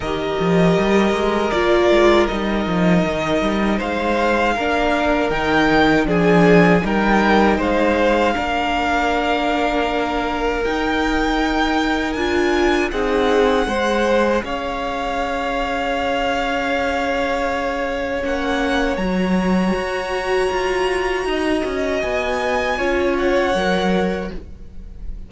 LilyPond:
<<
  \new Staff \with { instrumentName = "violin" } { \time 4/4 \tempo 4 = 79 dis''2 d''4 dis''4~ | dis''4 f''2 g''4 | gis''4 g''4 f''2~ | f''2 g''2 |
gis''4 fis''2 f''4~ | f''1 | fis''4 ais''2.~ | ais''4 gis''4. fis''4. | }
  \new Staff \with { instrumentName = "violin" } { \time 4/4 ais'1~ | ais'4 c''4 ais'2 | gis'4 ais'4 c''4 ais'4~ | ais'1~ |
ais'4 gis'4 c''4 cis''4~ | cis''1~ | cis''1 | dis''2 cis''2 | }
  \new Staff \with { instrumentName = "viola" } { \time 4/4 g'2 f'4 dis'4~ | dis'2 d'4 dis'4 | d'4 dis'2 d'4~ | d'2 dis'2 |
f'4 dis'4 gis'2~ | gis'1 | cis'4 fis'2.~ | fis'2 f'4 ais'4 | }
  \new Staff \with { instrumentName = "cello" } { \time 4/4 dis8 f8 g8 gis8 ais8 gis8 g8 f8 | dis8 g8 gis4 ais4 dis4 | f4 g4 gis4 ais4~ | ais2 dis'2 |
d'4 c'4 gis4 cis'4~ | cis'1 | ais4 fis4 fis'4 f'4 | dis'8 cis'8 b4 cis'4 fis4 | }
>>